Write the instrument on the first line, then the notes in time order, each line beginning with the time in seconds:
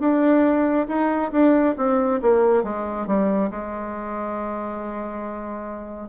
bassoon
0.00 D4
0.88 D#4
1.32 D4
1.77 C4
2.22 A#3
2.63 G#3
3.07 G3
3.51 G#3